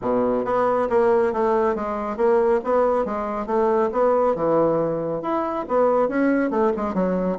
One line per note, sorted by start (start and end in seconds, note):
0.01 0.44 B2
0.44 0.88 B3
0.89 1.32 A#3
1.32 1.75 A3
1.75 2.16 G#3
2.16 2.60 A#3
2.63 3.05 B3
3.05 3.46 G#3
3.46 3.90 A3
3.92 4.35 B3
4.35 5.22 E3
5.22 5.65 E4
5.67 6.08 B3
6.08 6.50 C#4
6.50 6.72 A3
6.76 6.94 G#3
6.94 7.37 F#3